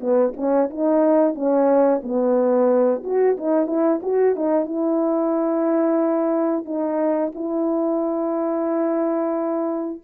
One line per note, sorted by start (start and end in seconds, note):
0.00 0.33 B3
0.36 0.70 C#4
0.70 1.35 D#4
1.35 2.01 C#4
2.03 3.03 B3
3.03 3.37 F#4
3.37 3.67 D#4
3.67 4.00 E4
4.02 4.35 F#4
4.35 4.65 D#4
4.65 6.65 E4
6.65 7.32 D#4
7.35 10.01 E4